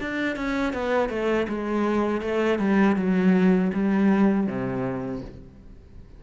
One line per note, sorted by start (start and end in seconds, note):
0.00 0.36 D4
0.36 0.73 C#4
0.73 1.09 B3
1.09 1.47 A3
1.48 2.21 G#3
2.21 2.58 A3
2.58 2.96 G3
2.96 3.71 F#3
3.73 4.47 G3
4.47 5.22 C3